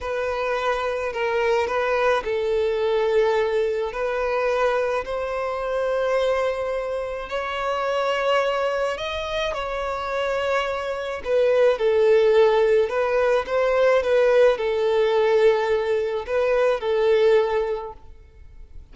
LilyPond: \new Staff \with { instrumentName = "violin" } { \time 4/4 \tempo 4 = 107 b'2 ais'4 b'4 | a'2. b'4~ | b'4 c''2.~ | c''4 cis''2. |
dis''4 cis''2. | b'4 a'2 b'4 | c''4 b'4 a'2~ | a'4 b'4 a'2 | }